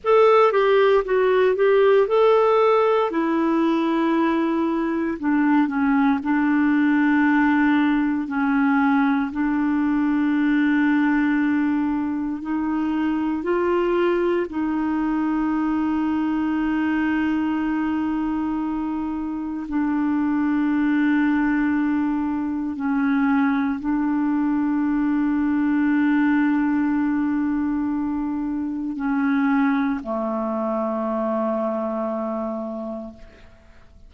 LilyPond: \new Staff \with { instrumentName = "clarinet" } { \time 4/4 \tempo 4 = 58 a'8 g'8 fis'8 g'8 a'4 e'4~ | e'4 d'8 cis'8 d'2 | cis'4 d'2. | dis'4 f'4 dis'2~ |
dis'2. d'4~ | d'2 cis'4 d'4~ | d'1 | cis'4 a2. | }